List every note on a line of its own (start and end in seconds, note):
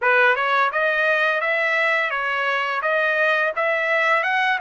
0.01 0.35 B4
0.35 0.71 C#5
0.72 1.41 D#5
1.41 2.10 E5
2.10 2.81 C#5
2.81 3.52 D#5
3.56 4.23 E5
4.23 4.58 F#5